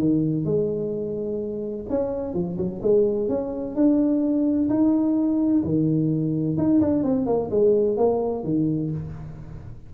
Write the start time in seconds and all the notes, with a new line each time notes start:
0.00 D#3
0.45 G#3
1.90 C#4
2.34 F3
2.58 F#3
2.83 G#3
3.29 C#4
3.76 D4
4.70 D#4
5.64 D#3
6.58 D#4
6.81 D4
7.04 C4
7.27 A#3
7.51 G#3
7.97 A#3
8.44 D#3